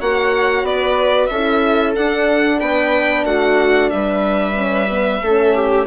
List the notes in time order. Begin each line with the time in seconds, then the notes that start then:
0.00 A#3 F#4 C#5 F#5
0.63 B3 B4 D5
1.26 C#4 A4 E5
1.35 E4
1.96 D4 F#5
2.60 B3 B4 G5
3.24 A3 F#4 F#5
3.90 G3 B4 E5
4.55 C#4
4.90 B3
5.22 A3 C#4 A4
5.54 G4